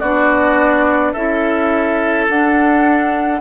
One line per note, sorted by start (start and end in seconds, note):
0.00 1.15 B3
0.00 1.17 D4
0.00 1.13 F#4
0.00 1.13 D5
1.13 2.29 C#4
1.13 2.30 E4
1.13 3.39 A4
1.13 2.27 E5
2.29 3.41 D4
2.29 3.41 F#5